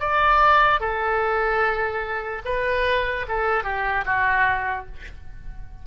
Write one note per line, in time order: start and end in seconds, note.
0.00 0.80 D5
0.80 2.43 A4
2.45 3.26 B4
3.28 3.64 A4
3.64 4.05 G4
4.05 4.86 F#4